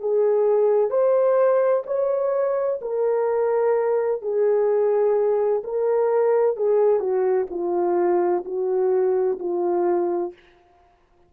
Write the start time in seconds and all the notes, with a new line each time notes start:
0.00 G#4
0.90 C5
1.86 C#5
2.82 A#4
4.22 G#4
5.64 A#4
6.57 G#4
7.00 F#4
7.50 F4
8.45 F#4
9.40 F4